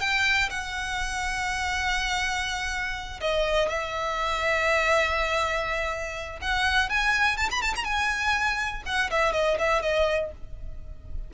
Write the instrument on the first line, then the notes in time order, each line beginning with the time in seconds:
violin
0.00 G5
0.50 F#5
3.21 D#5
3.69 E5
6.41 F#5
6.89 G#5
7.37 A5
7.51 B5
7.62 A5
7.76 A#5
7.84 G#5
8.85 F#5
9.10 E5
9.33 D#5
9.59 E5
9.82 D#5